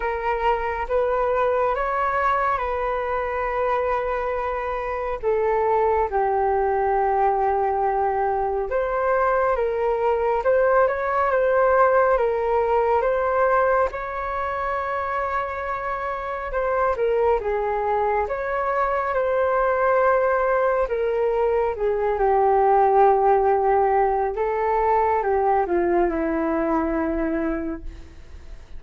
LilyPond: \new Staff \with { instrumentName = "flute" } { \time 4/4 \tempo 4 = 69 ais'4 b'4 cis''4 b'4~ | b'2 a'4 g'4~ | g'2 c''4 ais'4 | c''8 cis''8 c''4 ais'4 c''4 |
cis''2. c''8 ais'8 | gis'4 cis''4 c''2 | ais'4 gis'8 g'2~ g'8 | a'4 g'8 f'8 e'2 | }